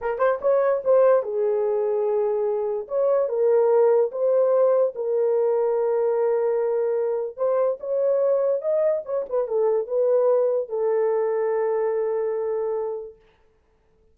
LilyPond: \new Staff \with { instrumentName = "horn" } { \time 4/4 \tempo 4 = 146 ais'8 c''8 cis''4 c''4 gis'4~ | gis'2. cis''4 | ais'2 c''2 | ais'1~ |
ais'2 c''4 cis''4~ | cis''4 dis''4 cis''8 b'8 a'4 | b'2 a'2~ | a'1 | }